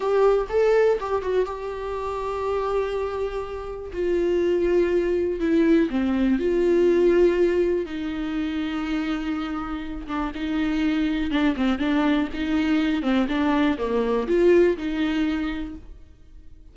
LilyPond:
\new Staff \with { instrumentName = "viola" } { \time 4/4 \tempo 4 = 122 g'4 a'4 g'8 fis'8 g'4~ | g'1 | f'2. e'4 | c'4 f'2. |
dis'1~ | dis'8 d'8 dis'2 d'8 c'8 | d'4 dis'4. c'8 d'4 | ais4 f'4 dis'2 | }